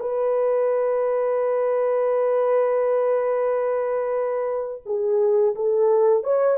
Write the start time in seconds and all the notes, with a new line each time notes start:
0.00 B4
4.86 G#4
5.56 A4
6.24 C#5